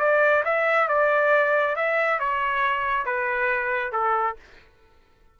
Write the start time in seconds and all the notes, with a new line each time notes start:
0.00 D5
0.45 E5
0.89 D5
1.77 E5
2.20 C#5
3.06 B4
3.93 A4